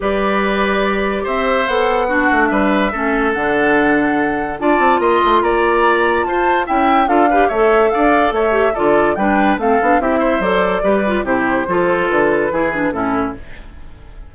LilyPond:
<<
  \new Staff \with { instrumentName = "flute" } { \time 4/4 \tempo 4 = 144 d''2. e''4 | fis''2 e''2 | fis''2. a''4 | c'''4 ais''2 a''4 |
g''4 f''4 e''4 f''4 | e''4 d''4 g''4 f''4 | e''4 d''2 c''4~ | c''4 b'2 a'4 | }
  \new Staff \with { instrumentName = "oboe" } { \time 4/4 b'2. c''4~ | c''4 fis'4 b'4 a'4~ | a'2. d''4 | dis''4 d''2 c''4 |
e''4 a'8 b'8 cis''4 d''4 | cis''4 a'4 b'4 a'4 | g'8 c''4. b'4 g'4 | a'2 gis'4 e'4 | }
  \new Staff \with { instrumentName = "clarinet" } { \time 4/4 g'1 | a'4 d'2 cis'4 | d'2. f'4~ | f'1 |
e'4 f'8 g'8 a'2~ | a'8 g'8 f'4 d'4 c'8 d'8 | e'4 a'4 g'8 f'8 e'4 | f'2 e'8 d'8 cis'4 | }
  \new Staff \with { instrumentName = "bassoon" } { \time 4/4 g2. c'4 | b4. a8 g4 a4 | d2. d'8 c'8 | ais8 a8 ais2 f'4 |
cis'4 d'4 a4 d'4 | a4 d4 g4 a8 b8 | c'4 fis4 g4 c4 | f4 d4 e4 a,4 | }
>>